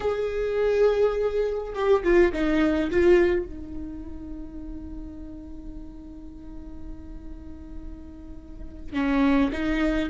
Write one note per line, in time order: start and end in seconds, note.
0.00 1.73 G#4
1.74 2.03 G4
2.03 2.32 F4
2.32 2.90 D#4
2.90 3.45 F4
3.45 8.93 D#4
8.93 9.51 C#4
9.51 10.09 D#4